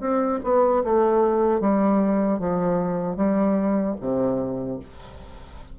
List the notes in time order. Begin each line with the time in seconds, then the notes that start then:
0.00 C4
0.43 B3
0.84 A3
1.60 G3
2.39 F3
3.17 G3
4.00 C3